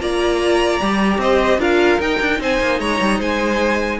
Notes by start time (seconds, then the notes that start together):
0.00 A#3 F4 D5 A#5
0.80 G3 G4
1.18 C4 C5 D#5
1.58 D4 F4 A#4 F5
1.99 D#4 G5
2.20 D4
2.40 C4 C5 G#5
2.61 A#3
2.80 G#3 C#5 A#5
3.01 G3
3.19 G#3 C5 G#5